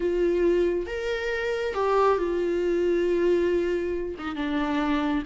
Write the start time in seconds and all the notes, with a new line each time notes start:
0.00 F4
0.86 A#4
1.74 G4
2.18 F4
4.18 D#4
4.35 D4